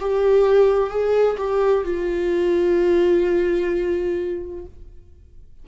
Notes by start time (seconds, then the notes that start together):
0.00 G4
0.89 G#4
1.37 G4
1.84 F4